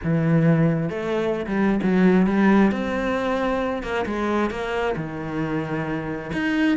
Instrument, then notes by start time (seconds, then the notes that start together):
cello
0.03 E3
0.89 A3
1.46 G3
1.83 F#3
2.26 G3
2.71 C4
3.82 A#3
4.05 G#3
4.50 A#3
4.96 D#3
6.33 D#4